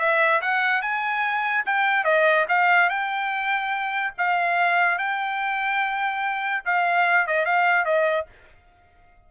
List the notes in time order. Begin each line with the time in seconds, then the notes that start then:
0.00 E5
0.42 F#5
0.82 G#5
1.66 G5
2.05 D#5
2.49 F5
2.90 G5
4.18 F5
4.99 G5
6.65 F5
7.27 D#5
7.46 F5
7.85 D#5